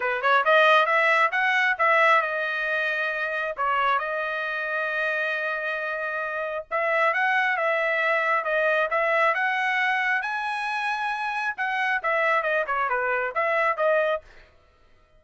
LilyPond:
\new Staff \with { instrumentName = "trumpet" } { \time 4/4 \tempo 4 = 135 b'8 cis''8 dis''4 e''4 fis''4 | e''4 dis''2. | cis''4 dis''2.~ | dis''2. e''4 |
fis''4 e''2 dis''4 | e''4 fis''2 gis''4~ | gis''2 fis''4 e''4 | dis''8 cis''8 b'4 e''4 dis''4 | }